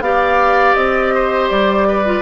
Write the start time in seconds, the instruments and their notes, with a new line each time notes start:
0.00 bassoon B3, clarinet G4, oboe D5, flute F5
0.74 bassoon C4, flute D#5
1.14 oboe C5
1.49 bassoon G3, flute D5
1.87 oboe B4
2.06 clarinet F4